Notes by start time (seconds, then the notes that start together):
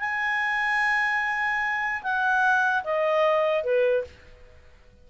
0.00 G#5
2.03 F#5
2.84 D#5
3.64 B4